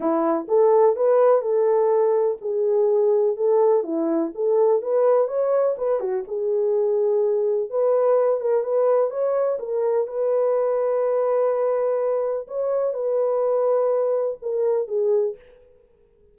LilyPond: \new Staff \with { instrumentName = "horn" } { \time 4/4 \tempo 4 = 125 e'4 a'4 b'4 a'4~ | a'4 gis'2 a'4 | e'4 a'4 b'4 cis''4 | b'8 fis'8 gis'2. |
b'4. ais'8 b'4 cis''4 | ais'4 b'2.~ | b'2 cis''4 b'4~ | b'2 ais'4 gis'4 | }